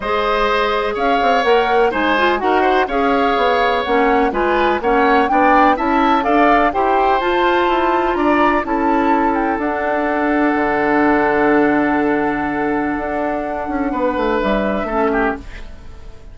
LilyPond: <<
  \new Staff \with { instrumentName = "flute" } { \time 4/4 \tempo 4 = 125 dis''2 f''4 fis''4 | gis''4 fis''4 f''2 | fis''4 gis''4 fis''4 g''4 | a''4 f''4 g''4 a''4~ |
a''4 ais''4 a''4. g''8 | fis''1~ | fis''1~ | fis''2 e''2 | }
  \new Staff \with { instrumentName = "oboe" } { \time 4/4 c''2 cis''2 | c''4 ais'8 c''8 cis''2~ | cis''4 b'4 cis''4 d''4 | e''4 d''4 c''2~ |
c''4 d''4 a'2~ | a'1~ | a'1~ | a'4 b'2 a'8 g'8 | }
  \new Staff \with { instrumentName = "clarinet" } { \time 4/4 gis'2. ais'4 | dis'8 f'8 fis'4 gis'2 | cis'4 f'4 cis'4 d'4 | e'4 a'4 g'4 f'4~ |
f'2 e'2 | d'1~ | d'1~ | d'2. cis'4 | }
  \new Staff \with { instrumentName = "bassoon" } { \time 4/4 gis2 cis'8 c'8 ais4 | gis4 dis'4 cis'4 b4 | ais4 gis4 ais4 b4 | cis'4 d'4 e'4 f'4 |
e'4 d'4 cis'2 | d'2 d2~ | d2. d'4~ | d'8 cis'8 b8 a8 g4 a4 | }
>>